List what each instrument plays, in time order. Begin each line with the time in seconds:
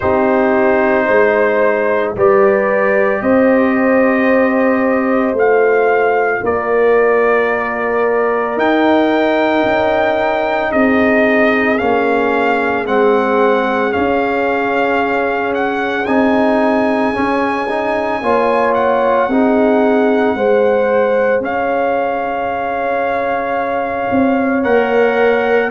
0.00 tuba C4, trombone D#4, horn G4, trumpet C5
1.05 tuba G#3, horn C5
2.15 tuba G3, trombone G4, horn B4, trumpet D5
3.21 tuba C4, horn C5, trumpet D#5
5.33 tuba A3, trombone F4, trumpet F5
6.43 tuba A#3, horn A#4, trumpet D5
8.56 trombone D#4, tuba D#4, trumpet G5
9.65 tuba C#4
10.70 tuba C4, horn G#4, trumpet D#5
11.78 tuba A#3, trombone C#4, trumpet F5
12.85 tuba G#3, trombone C4, trumpet F#5
13.90 trombone C#4, trumpet F5
13.96 tuba C#4
15.54 trumpet F#5
16.05 tuba C4, trombone D#4, trumpet G#5
17.13 trombone C#4, tuba C#4
17.68 trombone D#4
18.22 tuba A#3, trombone F4, horn C#5
18.74 trumpet F#5
19.27 tuba C4, trombone D#4, horn G#4
20.34 tuba G#3, trombone G#4, horn C5
21.40 tuba C#4, horn C#5, trumpet F5
24.10 tuba C4
24.63 tuba A#3, trombone A#4, trumpet F#5